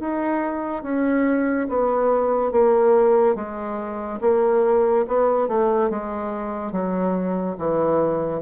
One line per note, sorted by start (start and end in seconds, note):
0.00 0.83 D#4
0.83 1.68 C#4
1.69 2.52 B3
2.52 3.35 A#3
3.35 4.20 G#3
4.21 5.06 A#3
5.08 5.48 B3
5.48 5.90 A3
5.90 6.72 G#3
6.72 7.57 F#3
7.58 8.42 E3